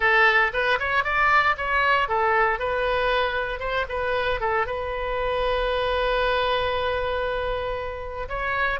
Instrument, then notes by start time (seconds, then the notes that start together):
oboe
0.00 A4
0.53 B4
0.79 C#5
1.04 D5
1.57 C#5
2.08 A4
2.59 B4
3.59 C5
3.88 B4
4.40 A4
4.66 B4
8.29 C#5